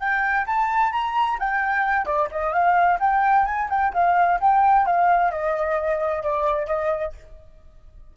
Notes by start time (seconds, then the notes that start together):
0.00 G5
0.47 A5
0.92 A#5
1.40 G5
2.06 D5
2.32 D#5
2.53 F5
3.00 G5
3.46 G#5
3.70 G5
3.94 F5
4.41 G5
4.87 F5
5.32 D#5
6.23 D5
6.67 D#5